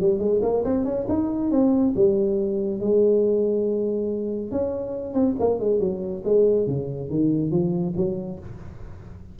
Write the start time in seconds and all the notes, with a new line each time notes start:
0.00 G3
0.19 G#3
0.42 A#3
0.64 C4
0.85 C#4
1.09 D#4
1.51 C4
1.96 G3
2.80 G#3
4.51 C#4
5.14 C4
5.39 A#3
5.59 G#3
5.80 F#3
6.24 G#3
6.67 C#3
7.10 D#3
7.51 F3
7.96 F#3